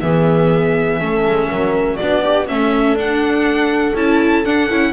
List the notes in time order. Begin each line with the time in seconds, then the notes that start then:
0.00 E3 B3 G#4 E5
1.00 A3 C#4 A4
1.25 G#3
1.49 F#3 A#4
1.96 B3 D4 F#4 D5
2.22 D4 G4
2.47 A3 C#4 A4 E5
2.94 D4 F#5
3.94 C#4 E4 A5
4.44 D4 F#5
4.70 C#4 E4